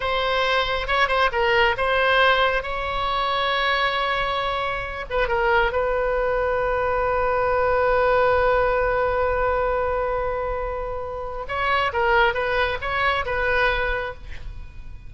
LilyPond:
\new Staff \with { instrumentName = "oboe" } { \time 4/4 \tempo 4 = 136 c''2 cis''8 c''8 ais'4 | c''2 cis''2~ | cis''2.~ cis''8 b'8 | ais'4 b'2.~ |
b'1~ | b'1~ | b'2 cis''4 ais'4 | b'4 cis''4 b'2 | }